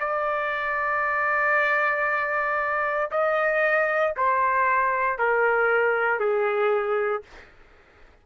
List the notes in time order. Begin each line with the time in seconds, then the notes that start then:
0.00 D5
3.11 D#5
4.17 C5
5.19 A#4
6.20 G#4